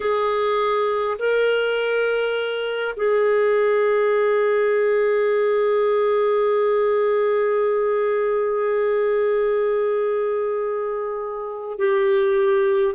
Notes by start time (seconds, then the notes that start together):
0.00 G#4
1.18 A#4
2.96 G#4
11.78 G4